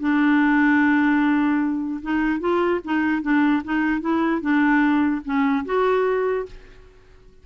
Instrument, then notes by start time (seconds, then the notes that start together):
clarinet
0.00 D4
2.02 D#4
2.41 F4
2.85 D#4
3.23 D4
3.65 D#4
4.01 E4
4.41 D4
5.25 C#4
5.66 F#4